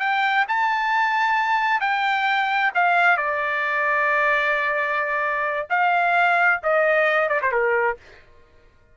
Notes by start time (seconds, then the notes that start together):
0.00 G5
0.48 A5
1.81 G5
2.75 F5
3.17 D5
5.70 F5
6.63 D#5
7.29 D5
7.42 C5
7.52 A#4